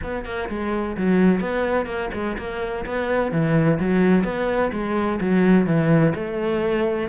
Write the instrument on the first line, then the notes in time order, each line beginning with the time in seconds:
cello
0.03 B3
0.25 A#3
0.49 G#3
0.97 F#3
1.40 B3
1.86 A#3
2.13 G#3
2.38 A#3
2.85 B3
3.31 E3
3.79 F#3
4.23 B3
4.72 G#3
5.20 F#3
5.66 E3
6.14 A3